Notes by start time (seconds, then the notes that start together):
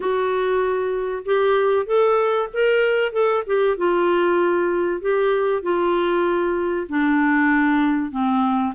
0.00 F#4
1.25 G4
1.86 A4
2.53 A#4
3.12 A4
3.46 G4
3.77 F4
5.01 G4
5.62 F4
6.89 D4
8.11 C4